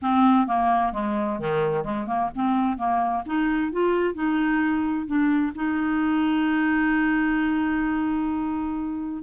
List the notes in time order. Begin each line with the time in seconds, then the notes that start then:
0.01 C4
0.47 A#3
0.93 G#3
1.39 D#3
1.84 G#3
2.06 A#3
2.35 C4
2.77 A#3
3.26 D#4
3.72 F4
4.14 D#4
5.06 D4
5.55 D#4